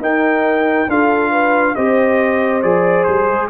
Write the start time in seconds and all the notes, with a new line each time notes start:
0.00 D#4 A#4 G5
0.88 D4 F4 A4 F5
1.32 B4
1.75 C4 G4 C5 D#5
2.62 F3 G#4 D5
3.04 G3 C5
3.29 G#3